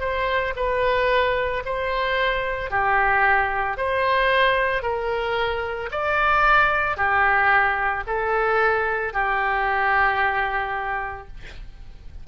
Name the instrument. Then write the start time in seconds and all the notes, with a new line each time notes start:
oboe
0.00 C5
0.56 B4
1.66 C5
2.70 G4
3.77 C5
4.83 A#4
5.91 D5
6.96 G4
8.06 A4
9.13 G4